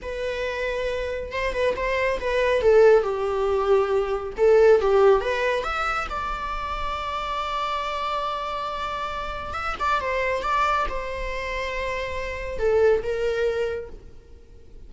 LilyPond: \new Staff \with { instrumentName = "viola" } { \time 4/4 \tempo 4 = 138 b'2. c''8 b'8 | c''4 b'4 a'4 g'4~ | g'2 a'4 g'4 | b'4 e''4 d''2~ |
d''1~ | d''2 e''8 d''8 c''4 | d''4 c''2.~ | c''4 a'4 ais'2 | }